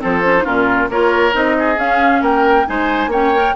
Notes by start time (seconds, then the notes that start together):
0.00 F3 C4 A4 C5
0.25 C#4
0.37 D#4
0.44 A#2 C#4 F4 A#4
0.89 A#3 F4 A#4 C#5
1.32 C4 D#4 D#5
1.59 G#4
1.77 C#4 F5
2.22 A#3 A#4 G5
2.67 G#3 D#4 C5 G#5
3.07 A#3 C#4 C#5 G5
3.35 A#4